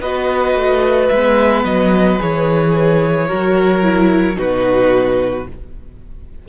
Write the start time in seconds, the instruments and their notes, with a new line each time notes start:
0.00 cello B3, viola F#4, violin B4 D#5
0.54 cello A3
1.08 cello G#3, violin E5
1.15 viola B3
1.64 cello F#3, violin D#5
2.19 cello E3, viola G#4, violin C#5
3.27 cello F#3, viola F#4, violin A#4
3.83 viola E4
4.35 cello B2, viola D#4, violin F#4 B4